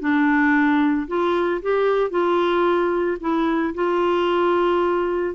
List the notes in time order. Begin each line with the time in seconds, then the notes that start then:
0.00 D4
1.07 F4
1.62 G4
2.10 F4
3.20 E4
3.74 F4